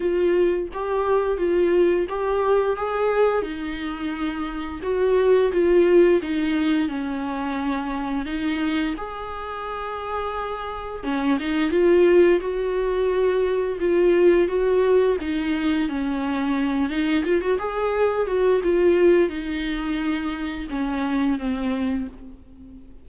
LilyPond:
\new Staff \with { instrumentName = "viola" } { \time 4/4 \tempo 4 = 87 f'4 g'4 f'4 g'4 | gis'4 dis'2 fis'4 | f'4 dis'4 cis'2 | dis'4 gis'2. |
cis'8 dis'8 f'4 fis'2 | f'4 fis'4 dis'4 cis'4~ | cis'8 dis'8 f'16 fis'16 gis'4 fis'8 f'4 | dis'2 cis'4 c'4 | }